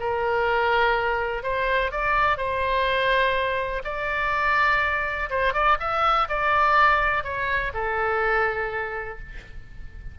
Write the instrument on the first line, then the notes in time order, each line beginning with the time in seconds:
oboe
0.00 A#4
1.43 C5
1.91 D5
2.37 C5
3.84 D5
5.30 C5
5.53 D5
5.80 E5
6.29 D5
7.24 C#5
7.74 A4